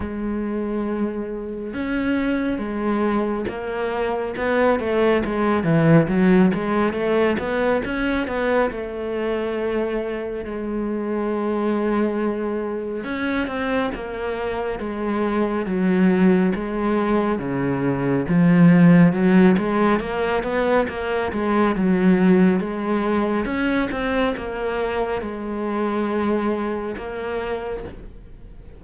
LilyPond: \new Staff \with { instrumentName = "cello" } { \time 4/4 \tempo 4 = 69 gis2 cis'4 gis4 | ais4 b8 a8 gis8 e8 fis8 gis8 | a8 b8 cis'8 b8 a2 | gis2. cis'8 c'8 |
ais4 gis4 fis4 gis4 | cis4 f4 fis8 gis8 ais8 b8 | ais8 gis8 fis4 gis4 cis'8 c'8 | ais4 gis2 ais4 | }